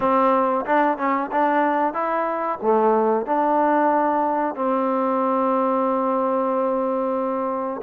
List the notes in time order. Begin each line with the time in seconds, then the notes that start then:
0.00 C4
0.65 D4
0.97 C#4
1.31 D4
1.93 E4
2.62 A3
3.25 D4
4.55 C4